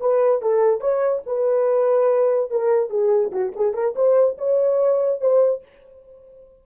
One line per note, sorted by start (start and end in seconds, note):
0.00 0.42 B4
0.42 0.80 A4
0.80 1.22 C#5
1.26 2.50 B4
2.50 2.89 A#4
2.89 3.31 G#4
3.31 3.52 F#4
3.55 3.74 G#4
3.74 3.95 A#4
3.95 4.37 C5
4.37 5.21 C#5
5.21 5.62 C5